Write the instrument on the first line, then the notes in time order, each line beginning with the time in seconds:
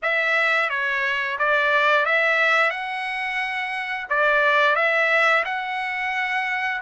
trumpet
0.02 E5
0.69 C#5
1.39 D5
2.05 E5
2.70 F#5
4.09 D5
4.75 E5
5.45 F#5